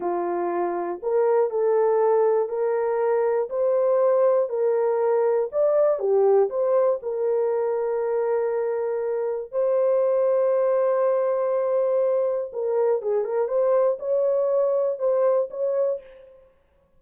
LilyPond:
\new Staff \with { instrumentName = "horn" } { \time 4/4 \tempo 4 = 120 f'2 ais'4 a'4~ | a'4 ais'2 c''4~ | c''4 ais'2 d''4 | g'4 c''4 ais'2~ |
ais'2. c''4~ | c''1~ | c''4 ais'4 gis'8 ais'8 c''4 | cis''2 c''4 cis''4 | }